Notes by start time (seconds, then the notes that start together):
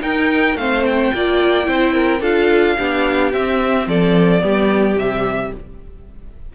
0.00 D#4 A#4 G5
0.55 A3 C4 C5 F5
0.86 G5
1.14 A#3 F4 D5
1.63 C4 E4 C5
1.93 A#4
2.20 D4 F4 A4 F5
2.77 B3 D4 G4
3.32 C4 E5
3.87 F3 A4 D5
4.40 G3 B3 G4
4.96 C3 G3 E5